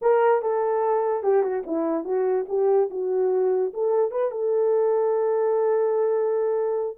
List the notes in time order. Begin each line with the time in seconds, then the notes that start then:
0.01 A#4
0.42 A4
1.23 G4
1.42 F#4
1.66 E4
2.04 F#4
2.48 G4
2.90 F#4
3.73 A4
4.11 B4
4.31 A4